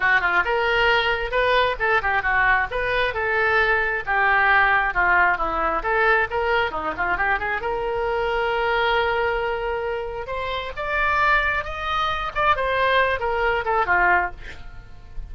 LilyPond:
\new Staff \with { instrumentName = "oboe" } { \time 4/4 \tempo 4 = 134 fis'8 f'8 ais'2 b'4 | a'8 g'8 fis'4 b'4 a'4~ | a'4 g'2 f'4 | e'4 a'4 ais'4 dis'8 f'8 |
g'8 gis'8 ais'2.~ | ais'2. c''4 | d''2 dis''4. d''8 | c''4. ais'4 a'8 f'4 | }